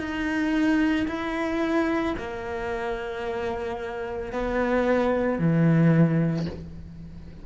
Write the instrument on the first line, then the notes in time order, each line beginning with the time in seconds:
cello
0.00 D#4
1.08 E4
2.18 A#3
4.32 B3
5.39 E3